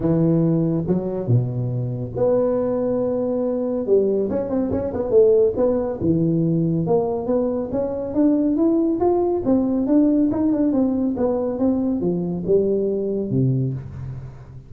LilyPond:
\new Staff \with { instrumentName = "tuba" } { \time 4/4 \tempo 4 = 140 e2 fis4 b,4~ | b,4 b2.~ | b4 g4 cis'8 c'8 cis'8 b8 | a4 b4 e2 |
ais4 b4 cis'4 d'4 | e'4 f'4 c'4 d'4 | dis'8 d'8 c'4 b4 c'4 | f4 g2 c4 | }